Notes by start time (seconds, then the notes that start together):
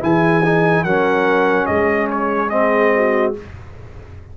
0.00 E3 E4 G#4 G#5
0.44 D#4
0.83 F#3 C#4 A#4 F#5
1.66 G#3 G#4 D#5
2.10 C#5
2.49 C4 D#5
2.95 F#4